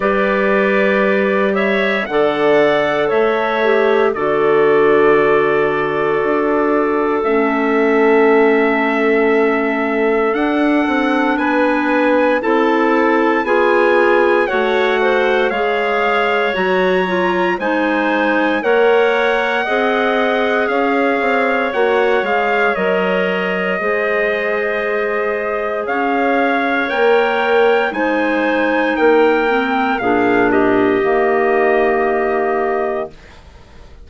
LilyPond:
<<
  \new Staff \with { instrumentName = "trumpet" } { \time 4/4 \tempo 4 = 58 d''4. e''8 fis''4 e''4 | d''2. e''4~ | e''2 fis''4 gis''4 | a''4 gis''4 fis''4 f''4 |
ais''4 gis''4 fis''2 | f''4 fis''8 f''8 dis''2~ | dis''4 f''4 g''4 gis''4 | g''4 f''8 dis''2~ dis''8 | }
  \new Staff \with { instrumentName = "clarinet" } { \time 4/4 b'4. cis''8 d''4 cis''4 | a'1~ | a'2. b'4 | a'4 gis'4 cis''8 c''8 cis''4~ |
cis''4 c''4 cis''4 dis''4 | cis''2. c''4~ | c''4 cis''2 c''4 | ais'4 gis'8 g'2~ g'8 | }
  \new Staff \with { instrumentName = "clarinet" } { \time 4/4 g'2 a'4. g'8 | fis'2. cis'4~ | cis'2 d'2 | e'4 f'4 fis'4 gis'4 |
fis'8 f'8 dis'4 ais'4 gis'4~ | gis'4 fis'8 gis'8 ais'4 gis'4~ | gis'2 ais'4 dis'4~ | dis'8 c'8 d'4 ais2 | }
  \new Staff \with { instrumentName = "bassoon" } { \time 4/4 g2 d4 a4 | d2 d'4 a4~ | a2 d'8 c'8 b4 | c'4 b4 a4 gis4 |
fis4 gis4 ais4 c'4 | cis'8 c'8 ais8 gis8 fis4 gis4~ | gis4 cis'4 ais4 gis4 | ais4 ais,4 dis2 | }
>>